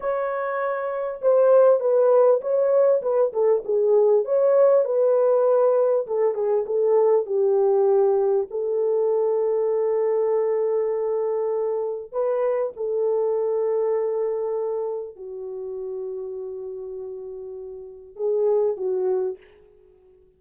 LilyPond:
\new Staff \with { instrumentName = "horn" } { \time 4/4 \tempo 4 = 99 cis''2 c''4 b'4 | cis''4 b'8 a'8 gis'4 cis''4 | b'2 a'8 gis'8 a'4 | g'2 a'2~ |
a'1 | b'4 a'2.~ | a'4 fis'2.~ | fis'2 gis'4 fis'4 | }